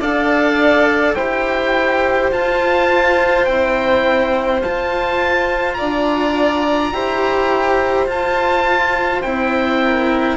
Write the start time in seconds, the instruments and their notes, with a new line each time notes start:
0.00 bassoon D4, cello A4, violin D5, oboe F5
1.15 bassoon E4, cello G4, violin C5, oboe G5
2.32 cello F4, bassoon F4, oboe A5
3.45 cello C4, bassoon E4, oboe G5
4.60 bassoon F4, cello F4, oboe A5
5.74 violin D5, oboe A#5
5.81 bassoon D4
6.93 bassoon E4, cello G4, violin C5
8.06 cello F4, bassoon F4, oboe A5
9.22 bassoon C4, cello E4, oboe G5
9.83 violin A#4